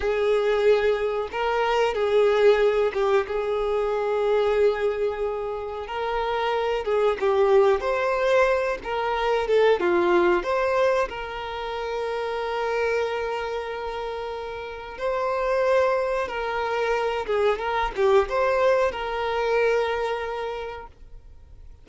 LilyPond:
\new Staff \with { instrumentName = "violin" } { \time 4/4 \tempo 4 = 92 gis'2 ais'4 gis'4~ | gis'8 g'8 gis'2.~ | gis'4 ais'4. gis'8 g'4 | c''4. ais'4 a'8 f'4 |
c''4 ais'2.~ | ais'2. c''4~ | c''4 ais'4. gis'8 ais'8 g'8 | c''4 ais'2. | }